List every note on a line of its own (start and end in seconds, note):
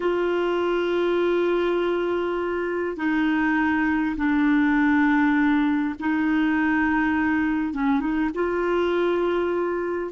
0.00 2.96 F4
2.96 4.15 D#4
4.16 5.95 D4
5.99 7.73 D#4
7.73 8.00 C#4
8.00 8.30 D#4
8.34 10.11 F4